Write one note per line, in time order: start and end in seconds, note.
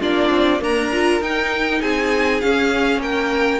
0.00 0.30 A#3
0.00 0.59 D4
0.00 0.60 F4
0.00 0.62 D5
0.30 0.60 C4
0.59 0.90 A#3
0.59 1.20 D4
0.59 1.81 A#4
0.59 1.22 A#5
0.92 1.22 F4
1.20 1.80 D#4
1.20 2.42 D#4
1.20 1.81 G5
1.81 2.42 C4
1.81 3.01 G#4
1.81 2.41 G#5
2.41 3.60 C#4
2.41 2.98 C#4
2.41 3.00 F5
2.98 3.58 A#3
2.98 3.60 A#4
2.98 3.60 G5